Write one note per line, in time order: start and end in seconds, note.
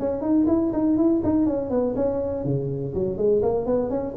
0.00 0.21 C#4
0.21 0.46 D#4
0.47 0.72 E4
0.73 0.97 D#4
0.97 1.22 E4
1.24 1.47 D#4
1.47 1.70 C#4
1.70 1.95 B3
1.96 2.45 C#4
2.45 2.94 C#3
2.95 3.17 F#3
3.17 3.42 G#3
3.43 3.66 A#3
3.66 3.90 B3
3.90 4.15 C#4